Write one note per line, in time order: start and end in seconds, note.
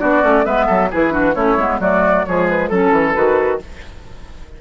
0.00 0.23 B3
0.00 0.22 D4
0.00 0.46 F#4
0.00 0.45 D5
0.22 0.46 A3
0.22 0.44 C#4
0.45 0.69 G#3
0.45 0.91 B3
0.45 0.67 B4
0.45 0.91 E5
0.67 0.93 F#3
0.67 0.89 A4
0.91 1.36 E3
0.91 1.11 E4
0.91 1.14 G#4
0.91 1.35 B4
1.11 1.34 D4
1.11 1.36 F#4
1.35 1.58 A3
1.35 1.58 C#4
1.35 1.81 E4
1.35 1.80 C#5
1.58 1.80 G#3
1.58 1.81 B3
1.80 2.25 F#3
1.80 2.26 A3
1.80 2.26 F#4
1.80 2.26 D5
2.26 2.71 F3
2.26 2.72 G#3
2.26 2.70 G#4
2.26 2.48 C#5
2.50 2.69 B4
2.69 2.92 F#3
2.69 3.15 C#4
2.69 3.14 A4
2.69 3.61 A4
2.92 3.14 E3
3.14 3.62 D#3
3.14 3.60 F#4
3.14 3.59 B4